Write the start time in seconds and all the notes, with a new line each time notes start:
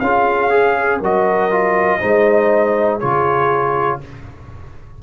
0.00 C#4 F4 G#4 F5
0.50 G#4
0.99 F#3 F#4 A#4 D#5
1.51 F4
1.99 G#3 D#4 C5
2.99 C#3 F4 G#4 C#5